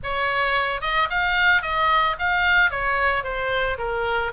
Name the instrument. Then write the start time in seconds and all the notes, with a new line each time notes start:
oboe
0.03 C#5
0.81 D#5
1.10 F5
1.62 D#5
2.18 F5
2.70 C#5
3.23 C5
3.78 A#4